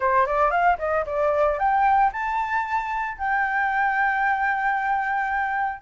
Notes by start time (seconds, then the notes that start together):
0.00 C5
0.26 D5
0.50 F5
0.78 D#5
1.05 D5
1.58 G5
2.12 A5
3.17 G5